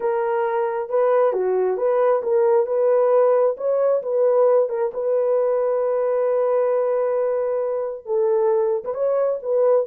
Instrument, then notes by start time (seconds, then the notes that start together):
horn
0.00 A#4
0.89 B4
1.32 F#4
1.77 B4
2.23 A#4
2.66 B4
3.57 C#5
4.02 B4
4.69 A#4
4.93 B4
8.05 A4
8.84 B4
8.94 C#5
9.42 B4